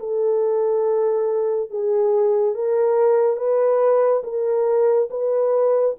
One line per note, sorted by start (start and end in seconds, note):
0.00 1.71 A4
1.71 2.55 G#4
2.55 3.37 A#4
3.37 4.23 B4
4.24 5.10 A#4
5.10 5.96 B4